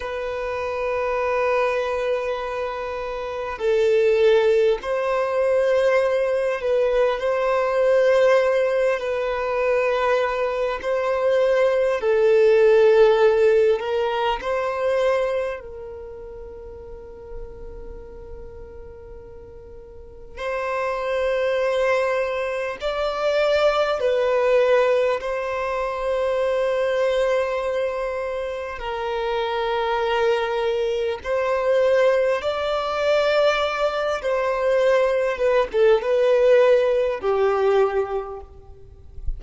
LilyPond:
\new Staff \with { instrumentName = "violin" } { \time 4/4 \tempo 4 = 50 b'2. a'4 | c''4. b'8 c''4. b'8~ | b'4 c''4 a'4. ais'8 | c''4 ais'2.~ |
ais'4 c''2 d''4 | b'4 c''2. | ais'2 c''4 d''4~ | d''8 c''4 b'16 a'16 b'4 g'4 | }